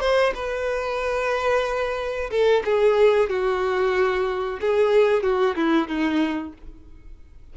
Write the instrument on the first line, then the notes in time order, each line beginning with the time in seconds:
violin
0.00 C5
0.34 B4
2.30 A4
2.64 G#4
3.29 F#4
4.60 G#4
5.23 F#4
5.56 E4
5.87 D#4